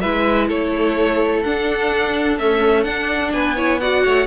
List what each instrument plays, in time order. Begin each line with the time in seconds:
0.00 cello G#3, viola E4, violin B4 E5
0.48 cello A3, violin A4 C#5
1.42 viola D4, cello D4, violin F#5
2.38 viola A3, cello C#4, violin E5
2.83 viola D4, cello D4, violin F#5
3.33 cello B3, violin B4 G#5
3.56 viola E4, violin C#5
3.80 viola F#4, violin D5 F#5
4.04 cello A3, violin C#5